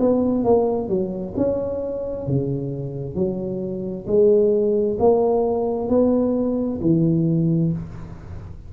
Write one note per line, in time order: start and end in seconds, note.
0.00 0.45 B3
0.45 0.89 A#3
0.89 1.34 F#3
1.37 2.27 C#4
2.27 3.15 C#3
3.15 4.06 F#3
4.07 4.98 G#3
5.00 5.89 A#3
5.89 6.80 B3
6.82 7.73 E3